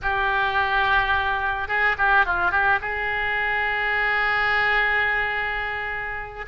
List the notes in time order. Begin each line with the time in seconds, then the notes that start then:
0.02 G4
1.68 G#4
1.98 G4
2.25 F4
2.51 G4
2.81 G#4